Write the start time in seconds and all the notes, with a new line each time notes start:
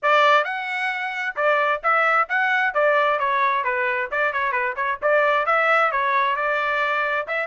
0.02 D5
0.44 F#5
1.36 D5
1.83 E5
2.28 F#5
2.74 D5
3.19 C#5
3.64 B4
4.11 D5
4.32 C#5
4.51 B4
4.76 C#5
5.01 D5
5.46 E5
5.91 C#5
6.36 D5
7.27 E5